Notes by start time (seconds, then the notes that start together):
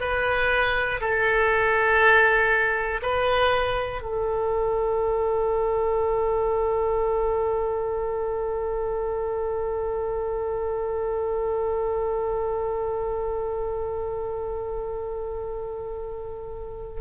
0.00 B4
1.01 A4
3.02 B4
4.02 A4